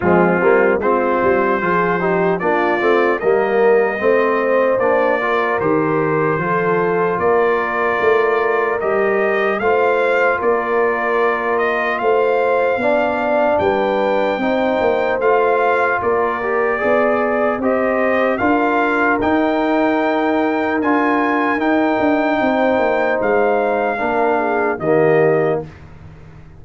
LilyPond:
<<
  \new Staff \with { instrumentName = "trumpet" } { \time 4/4 \tempo 4 = 75 f'4 c''2 d''4 | dis''2 d''4 c''4~ | c''4 d''2 dis''4 | f''4 d''4. dis''8 f''4~ |
f''4 g''2 f''4 | d''2 dis''4 f''4 | g''2 gis''4 g''4~ | g''4 f''2 dis''4 | }
  \new Staff \with { instrumentName = "horn" } { \time 4/4 c'4 f'4 gis'8 g'8 f'4 | ais'4 c''4. ais'4. | a'4 ais'2. | c''4 ais'2 c''4 |
d''4 b'4 c''2 | ais'4 d''4 c''4 ais'4~ | ais'1 | c''2 ais'8 gis'8 g'4 | }
  \new Staff \with { instrumentName = "trombone" } { \time 4/4 gis8 ais8 c'4 f'8 dis'8 d'8 c'8 | ais4 c'4 d'8 f'8 g'4 | f'2. g'4 | f'1 |
d'2 dis'4 f'4~ | f'8 g'8 gis'4 g'4 f'4 | dis'2 f'4 dis'4~ | dis'2 d'4 ais4 | }
  \new Staff \with { instrumentName = "tuba" } { \time 4/4 f8 g8 gis8 g8 f4 ais8 a8 | g4 a4 ais4 dis4 | f4 ais4 a4 g4 | a4 ais2 a4 |
b4 g4 c'8 ais8 a4 | ais4 b4 c'4 d'4 | dis'2 d'4 dis'8 d'8 | c'8 ais8 gis4 ais4 dis4 | }
>>